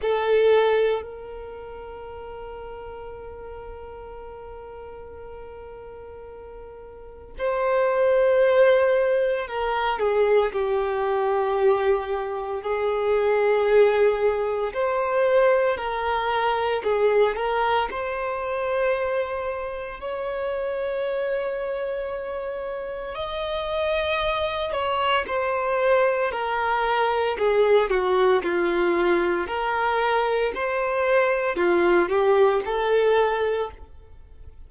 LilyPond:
\new Staff \with { instrumentName = "violin" } { \time 4/4 \tempo 4 = 57 a'4 ais'2.~ | ais'2. c''4~ | c''4 ais'8 gis'8 g'2 | gis'2 c''4 ais'4 |
gis'8 ais'8 c''2 cis''4~ | cis''2 dis''4. cis''8 | c''4 ais'4 gis'8 fis'8 f'4 | ais'4 c''4 f'8 g'8 a'4 | }